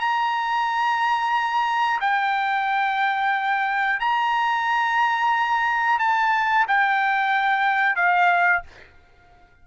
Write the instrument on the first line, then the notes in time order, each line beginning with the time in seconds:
trumpet
0.00 A#5
2.01 G5
4.00 A#5
5.99 A5
6.68 G5
7.96 F5